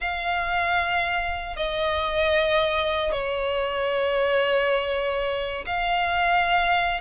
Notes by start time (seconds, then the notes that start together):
0.00 F5
1.56 D#5
3.12 C#5
5.66 F5